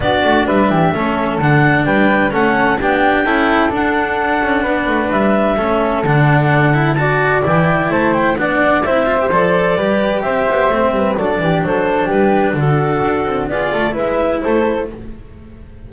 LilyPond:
<<
  \new Staff \with { instrumentName = "clarinet" } { \time 4/4 \tempo 4 = 129 d''4 e''2 fis''4 | g''4 fis''4 g''2 | fis''2. e''4~ | e''4 fis''2 a''4 |
g''4 a''8 g''8 fis''4 e''4 | d''2 e''2 | d''4 c''4 b'4 a'4~ | a'4 d''4 e''4 c''4 | }
  \new Staff \with { instrumentName = "flute" } { \time 4/4 fis'4 b'8 g'8 a'2 | b'4 a'4 g'4 a'4~ | a'2 b'2 | a'2. d''4~ |
d''4 c''4 d''4 c''4~ | c''4 b'4 c''4. b'8 | a'8 g'8 a'4 g'4 fis'4~ | fis'4 gis'8 a'8 b'4 a'4 | }
  \new Staff \with { instrumentName = "cello" } { \time 4/4 d'2 cis'4 d'4~ | d'4 cis'4 d'4 e'4 | d'1 | cis'4 d'4. e'8 fis'4 |
e'2 d'4 e'8 f'16 g'16 | a'4 g'2 c'4 | d'1~ | d'4 f'4 e'2 | }
  \new Staff \with { instrumentName = "double bass" } { \time 4/4 b8 a8 g8 e8 a4 d4 | g4 a4 b4 cis'4 | d'4. cis'8 b8 a8 g4 | a4 d2. |
e4 a4 b4 c'4 | f4 g4 c'8 b8 a8 g8 | fis8 e8 fis4 g4 d4 | d'8 c'8 b8 a8 gis4 a4 | }
>>